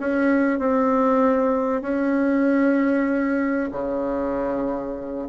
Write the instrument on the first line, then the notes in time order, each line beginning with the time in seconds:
bassoon
0.00 C#4
0.59 C4
1.82 C#4
3.72 C#3